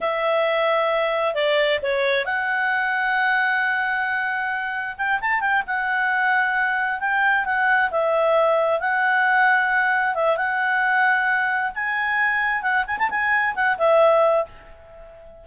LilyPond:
\new Staff \with { instrumentName = "clarinet" } { \time 4/4 \tempo 4 = 133 e''2. d''4 | cis''4 fis''2.~ | fis''2. g''8 a''8 | g''8 fis''2. g''8~ |
g''8 fis''4 e''2 fis''8~ | fis''2~ fis''8 e''8 fis''4~ | fis''2 gis''2 | fis''8 gis''16 a''16 gis''4 fis''8 e''4. | }